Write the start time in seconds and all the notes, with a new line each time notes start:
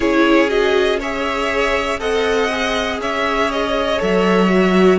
0.00 C#4 E4 G#4 C#5
0.48 F#4 D#5
0.99 G#4 C#5 E5
1.99 C4 A4 D#5 F#5
2.51 G#4
2.99 C#4 C#5 E5
3.51 D#5
3.98 F#3 A4 E5
4.49 F#4